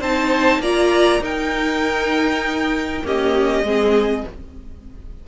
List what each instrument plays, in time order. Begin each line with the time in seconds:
0.00 cello C4, viola D#4, violin C5 A5
0.59 cello A#3, viola F4, violin D5 A#5
1.20 cello D#4, viola D#4, violin A#4 G5
3.03 viola A#3, cello C#4, violin G4 D#5
3.63 cello G#3, viola C4, violin G#4